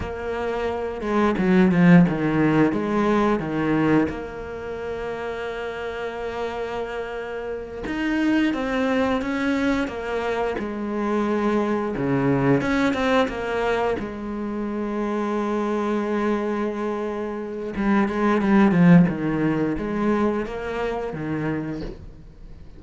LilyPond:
\new Staff \with { instrumentName = "cello" } { \time 4/4 \tempo 4 = 88 ais4. gis8 fis8 f8 dis4 | gis4 dis4 ais2~ | ais2.~ ais8 dis'8~ | dis'8 c'4 cis'4 ais4 gis8~ |
gis4. cis4 cis'8 c'8 ais8~ | ais8 gis2.~ gis8~ | gis2 g8 gis8 g8 f8 | dis4 gis4 ais4 dis4 | }